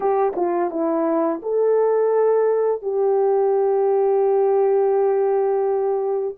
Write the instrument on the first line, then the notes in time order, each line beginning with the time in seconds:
horn
0.00 G4
0.35 F4
0.70 E4
1.42 A4
2.82 G4